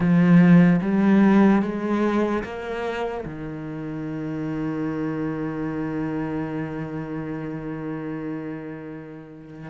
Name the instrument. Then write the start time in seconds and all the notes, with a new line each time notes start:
cello
0.00 F3
0.81 G3
1.62 G#3
2.43 A#3
3.25 D#3